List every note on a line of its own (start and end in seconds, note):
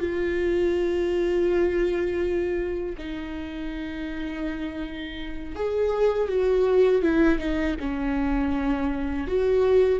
0.00 2.96 F4
2.99 5.56 D#4
5.56 6.29 G#4
6.29 7.03 F#4
7.03 7.39 E4
7.39 7.76 D#4
7.80 9.28 C#4
9.28 10.00 F#4